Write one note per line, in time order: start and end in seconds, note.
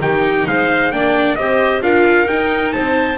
0.00 0.45 D#3
0.00 0.92 D#4
0.00 0.47 G4
0.00 0.47 G5
0.47 0.91 G#3
0.47 0.93 C5
0.47 0.91 F5
0.91 1.37 A#3
0.91 1.38 D4
0.91 1.38 D5
0.91 1.35 G5
1.35 1.82 C4
1.35 1.82 G4
1.35 1.83 C5
1.35 1.81 D#5
1.82 2.27 D4
1.82 2.26 F4
1.82 2.74 A#4
1.82 2.28 F5
2.26 3.16 D#4
2.26 2.75 D#4
2.26 2.73 G5
2.73 3.17 C4
2.73 3.17 C5
2.73 3.17 A5